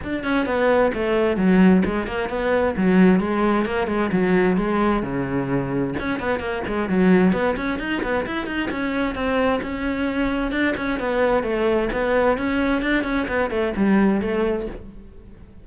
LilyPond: \new Staff \with { instrumentName = "cello" } { \time 4/4 \tempo 4 = 131 d'8 cis'8 b4 a4 fis4 | gis8 ais8 b4 fis4 gis4 | ais8 gis8 fis4 gis4 cis4~ | cis4 cis'8 b8 ais8 gis8 fis4 |
b8 cis'8 dis'8 b8 e'8 dis'8 cis'4 | c'4 cis'2 d'8 cis'8 | b4 a4 b4 cis'4 | d'8 cis'8 b8 a8 g4 a4 | }